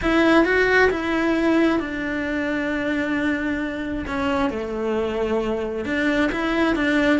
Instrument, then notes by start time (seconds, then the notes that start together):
cello
0.02 E4
0.44 F#4
0.90 E4
1.79 D4
4.07 C#4
4.49 A3
5.85 D4
6.32 E4
6.75 D4